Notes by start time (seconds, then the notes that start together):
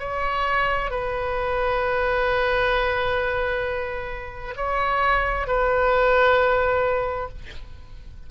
0.00 C#5
0.91 B4
4.57 C#5
5.47 B4